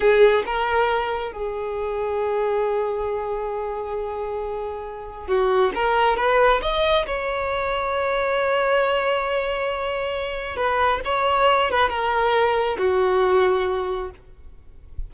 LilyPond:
\new Staff \with { instrumentName = "violin" } { \time 4/4 \tempo 4 = 136 gis'4 ais'2 gis'4~ | gis'1~ | gis'1 | fis'4 ais'4 b'4 dis''4 |
cis''1~ | cis''1 | b'4 cis''4. b'8 ais'4~ | ais'4 fis'2. | }